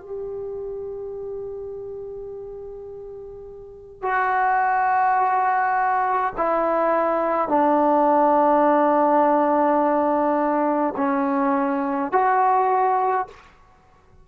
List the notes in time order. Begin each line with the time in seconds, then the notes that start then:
0.00 G4
4.03 F#4
6.38 E4
7.48 D4
10.97 C#4
12.12 F#4